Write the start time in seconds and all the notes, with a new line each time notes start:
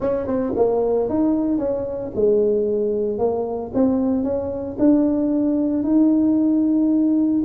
0.00 C#4
0.26 C4
0.56 A#3
1.09 D#4
1.58 C#4
2.15 G#3
3.18 A#3
3.73 C4
4.23 C#4
4.78 D4
5.83 D#4